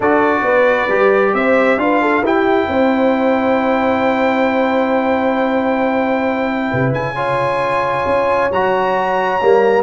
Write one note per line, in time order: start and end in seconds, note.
0.00 0.42 D4
0.00 0.89 F#4
0.00 0.42 A4
0.00 1.34 D5
0.42 0.86 B3
0.42 1.34 B4
0.89 1.33 G3
0.89 1.78 G4
1.33 1.77 C4
1.33 1.80 C5
1.33 1.79 E5
1.77 2.22 D4
1.77 2.23 F4
1.77 2.01 B4
1.77 2.24 F5
2.01 2.23 A4
2.22 2.66 E4
2.22 7.15 E4
2.22 2.68 G4
2.22 6.93 G5
2.68 6.71 C4
2.68 6.69 C5
6.69 6.92 C3
6.69 7.14 B4
6.92 8.04 C#3
6.92 8.50 G#5
7.15 8.49 F4
7.15 9.82 C#5
8.06 8.50 C#4
8.51 9.41 F#3
8.51 9.41 F#4
8.51 9.82 A#5
9.41 9.82 G3
9.41 9.82 A#3